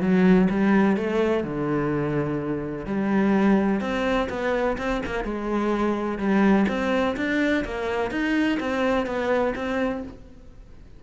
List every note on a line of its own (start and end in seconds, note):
0.00 0.48 F#3
0.50 0.96 G3
0.96 1.43 A3
1.43 2.85 D3
2.85 3.80 G3
3.80 4.28 C4
4.29 4.77 B3
4.77 5.01 C4
5.05 5.24 A#3
5.24 6.18 G#3
6.18 6.65 G3
6.68 7.15 C4
7.16 7.64 D4
7.64 8.11 A#3
8.11 8.58 D#4
8.59 9.06 C4
9.06 9.53 B3
9.55 10.03 C4